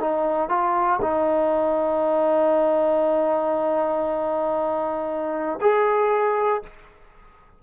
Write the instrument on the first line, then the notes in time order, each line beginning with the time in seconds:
trombone
0.00 D#4
0.49 F4
1.01 D#4
5.61 G#4